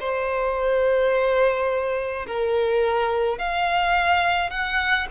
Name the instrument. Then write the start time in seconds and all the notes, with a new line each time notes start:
violin
0.00 C5
2.27 A#4
3.38 F5
4.50 F#5